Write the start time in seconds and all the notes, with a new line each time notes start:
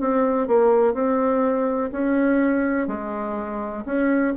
0.00 C4
0.47 A#3
0.94 C4
1.92 C#4
2.87 G#3
3.85 C#4